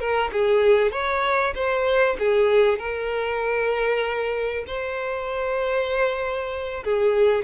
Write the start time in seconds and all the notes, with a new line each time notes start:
0.00 A#4
0.33 G#4
0.92 C#5
1.55 C5
2.19 G#4
2.79 A#4
4.68 C5
6.85 G#4